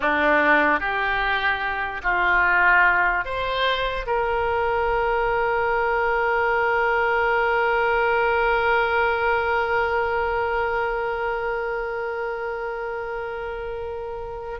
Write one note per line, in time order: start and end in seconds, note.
0.00 0.80 D4
0.80 2.01 G4
2.03 3.24 F4
3.24 4.05 C5
4.06 14.59 A#4